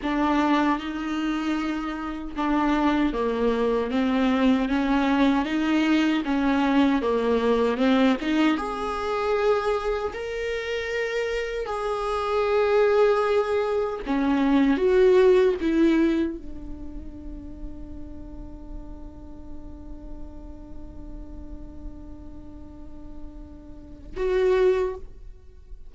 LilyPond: \new Staff \with { instrumentName = "viola" } { \time 4/4 \tempo 4 = 77 d'4 dis'2 d'4 | ais4 c'4 cis'4 dis'4 | cis'4 ais4 c'8 dis'8 gis'4~ | gis'4 ais'2 gis'4~ |
gis'2 cis'4 fis'4 | e'4 d'2.~ | d'1~ | d'2. fis'4 | }